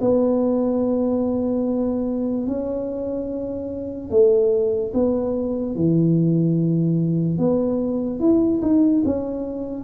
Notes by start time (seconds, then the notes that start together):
0.00 B3
2.47 C#4
4.10 A3
4.94 B3
5.75 E3
7.38 B3
8.20 E4
8.61 D#4
9.04 C#4